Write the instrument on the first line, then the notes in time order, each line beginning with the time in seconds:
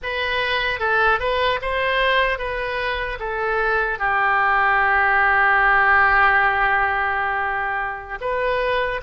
oboe
0.02 B4
0.79 A4
1.19 B4
1.61 C5
2.38 B4
3.19 A4
3.99 G4
8.20 B4